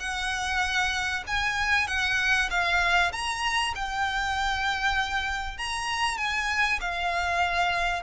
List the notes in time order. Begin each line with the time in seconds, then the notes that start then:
0.00 F#5
1.27 G#5
1.88 F#5
2.50 F5
3.12 A#5
3.75 G5
5.58 A#5
6.17 G#5
6.81 F5